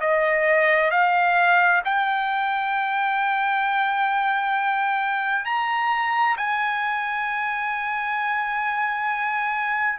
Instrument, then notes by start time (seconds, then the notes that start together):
trumpet
0.00 D#5
0.90 F5
1.85 G5
5.45 A#5
6.37 G#5